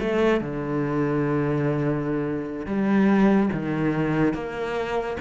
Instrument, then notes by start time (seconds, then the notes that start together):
cello
0.00 A3
0.41 D3
2.66 G3
3.53 D#3
4.34 A#3